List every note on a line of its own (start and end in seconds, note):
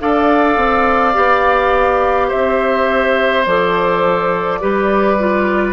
0.00 0.57 D4
0.00 1.14 A4
0.00 2.28 D5
0.00 2.30 F5
0.57 1.15 C4
1.14 2.32 B3
1.14 3.44 G4
2.28 3.46 C4
2.28 4.59 C5
2.28 3.45 E5
3.46 4.62 F3
3.46 4.61 A4
3.46 5.73 D5
4.61 5.73 G3
4.61 5.18 G4
4.61 5.73 B4
5.19 5.73 F4